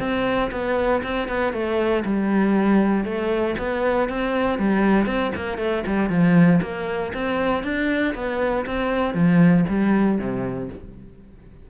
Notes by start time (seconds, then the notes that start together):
0.00 C4
0.52 B3
1.04 C4
1.29 B3
1.53 A3
2.05 G3
3.05 A3
3.59 B3
4.10 C4
4.59 G3
5.06 C4
5.36 A#3
5.58 A3
5.87 G3
6.10 F3
6.62 A#3
7.14 C4
7.64 D4
8.15 B3
8.66 C4
9.15 F3
9.69 G3
10.19 C3